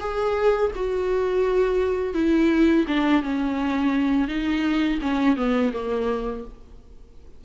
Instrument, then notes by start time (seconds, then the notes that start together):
viola
0.00 G#4
0.75 F#4
2.14 E4
2.88 D4
3.23 C#4
4.28 D#4
5.02 C#4
5.36 B3
5.73 A#3